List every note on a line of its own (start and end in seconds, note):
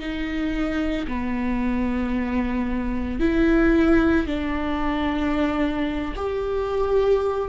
0.00 1.07 D#4
1.08 3.20 B3
3.20 4.27 E4
4.27 6.15 D4
6.17 7.50 G4